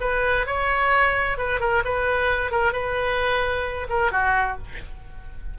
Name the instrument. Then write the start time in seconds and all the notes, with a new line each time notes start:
oboe
0.00 B4
0.46 C#5
1.37 B4
1.59 A#4
1.84 B4
2.51 A#4
2.72 B4
3.89 A#4
4.11 F#4